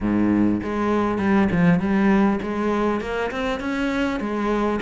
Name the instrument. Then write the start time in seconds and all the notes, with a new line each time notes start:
cello
0.00 G#2
0.63 G#3
1.18 G3
1.51 F3
1.79 G3
2.42 G#3
3.00 A#3
3.31 C4
3.60 C#4
4.20 G#3